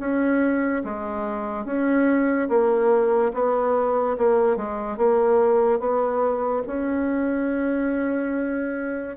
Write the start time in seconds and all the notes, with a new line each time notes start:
0.00 C#4
0.84 G#3
1.65 C#4
2.49 A#3
3.34 B3
4.18 A#3
4.57 G#3
4.98 A#3
5.80 B3
6.67 C#4